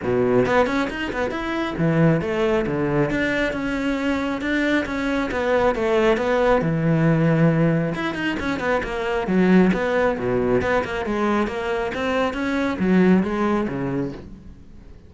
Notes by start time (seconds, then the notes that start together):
0.03 B2
0.46 B3
0.66 C#4
0.89 D#4
1.12 B3
1.30 E4
1.78 E3
2.21 A3
2.66 D3
3.10 D4
3.53 C#4
4.41 D4
4.85 C#4
5.31 B3
5.75 A3
6.17 B3
6.61 E3
7.94 E4
8.14 D#4
8.39 C#4
8.59 B3
8.83 A#3
9.27 F#3
9.73 B3
10.18 B2
10.61 B3
10.84 A#3
11.05 G#3
11.47 A#3
11.94 C4
12.33 C#4
12.79 F#3
13.23 G#3
13.67 C#3